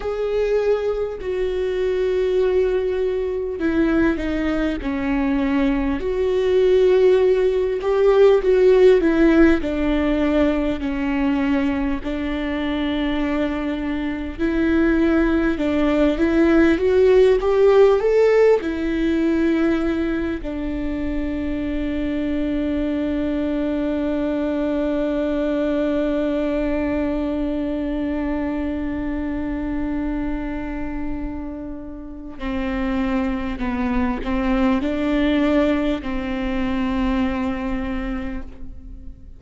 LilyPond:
\new Staff \with { instrumentName = "viola" } { \time 4/4 \tempo 4 = 50 gis'4 fis'2 e'8 dis'8 | cis'4 fis'4. g'8 fis'8 e'8 | d'4 cis'4 d'2 | e'4 d'8 e'8 fis'8 g'8 a'8 e'8~ |
e'4 d'2.~ | d'1~ | d'2. c'4 | b8 c'8 d'4 c'2 | }